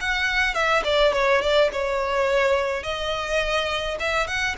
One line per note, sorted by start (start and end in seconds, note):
0.00 0.54 F#5
0.54 0.83 E5
0.84 1.12 D5
1.13 1.41 C#5
1.41 1.70 D5
1.72 2.83 C#5
2.83 3.97 D#5
3.99 4.27 E5
4.27 4.55 F#5